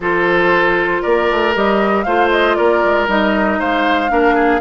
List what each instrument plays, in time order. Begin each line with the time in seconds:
0.00 bassoon F3, clarinet F4, oboe A4, flute C5
1.02 bassoon A#3, oboe A#4, flute D5
1.31 bassoon A3
1.54 bassoon G3, clarinet G4, flute D#5
2.03 bassoon A3, clarinet F4, oboe C5, flute F5
2.30 flute D#5
2.55 bassoon A#3, oboe A#4, flute D5
2.84 bassoon G#3
3.07 bassoon G3, clarinet D#4, flute D#5
3.59 bassoon G#3, oboe C5, flute F5
4.09 bassoon A#3, clarinet D4, oboe A#4
4.34 oboe G#4